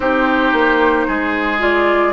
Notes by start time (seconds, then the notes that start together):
0.00 C4 D#4 G4 C5
0.52 A#3
1.07 G#3 G#4
1.59 F4 D5